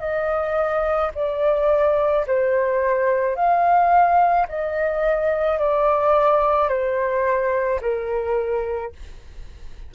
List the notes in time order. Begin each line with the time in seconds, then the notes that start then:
0.00 D#5
1.15 D5
2.27 C5
3.36 F5
4.48 D#5
5.59 D5
6.69 C5
7.81 A#4